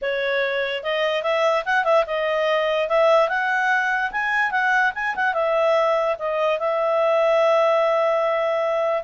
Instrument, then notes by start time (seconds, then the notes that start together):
clarinet
0.01 C#5
0.83 D#5
1.22 E5
1.65 F#5
1.84 E5
2.06 D#5
2.88 E5
3.28 F#5
4.11 G#5
4.51 F#5
4.94 G#5
5.15 F#5
5.33 E5
6.18 D#5
6.59 E5